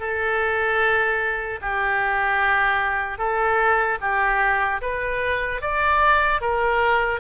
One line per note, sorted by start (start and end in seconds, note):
0.00 1.60 A4
1.61 3.18 G4
3.18 3.98 A4
4.01 4.81 G4
4.81 5.61 B4
5.61 6.41 D5
6.41 7.20 A#4